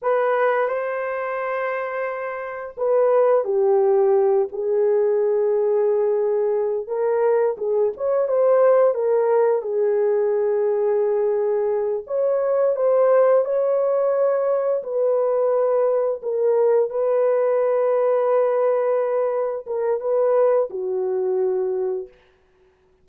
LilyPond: \new Staff \with { instrumentName = "horn" } { \time 4/4 \tempo 4 = 87 b'4 c''2. | b'4 g'4. gis'4.~ | gis'2 ais'4 gis'8 cis''8 | c''4 ais'4 gis'2~ |
gis'4. cis''4 c''4 cis''8~ | cis''4. b'2 ais'8~ | ais'8 b'2.~ b'8~ | b'8 ais'8 b'4 fis'2 | }